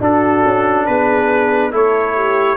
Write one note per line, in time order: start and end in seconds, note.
0.00 0.43 D4
0.00 1.71 D4
0.00 0.86 F#4
0.00 0.86 A4
0.45 0.88 C#4
0.86 1.74 B3
0.86 1.71 G#4
0.86 1.72 B4
1.71 2.57 A3
1.71 2.57 E4
1.71 2.14 A4
1.71 2.57 C#5
2.15 2.57 G4